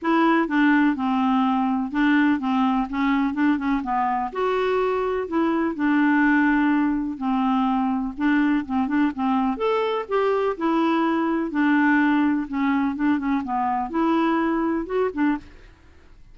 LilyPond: \new Staff \with { instrumentName = "clarinet" } { \time 4/4 \tempo 4 = 125 e'4 d'4 c'2 | d'4 c'4 cis'4 d'8 cis'8 | b4 fis'2 e'4 | d'2. c'4~ |
c'4 d'4 c'8 d'8 c'4 | a'4 g'4 e'2 | d'2 cis'4 d'8 cis'8 | b4 e'2 fis'8 d'8 | }